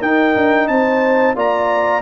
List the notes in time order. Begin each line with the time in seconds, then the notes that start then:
0.00 D#4 A#4 G5
0.36 D4
0.68 C4 C5 A5
1.36 A#3 F4 D5 A#5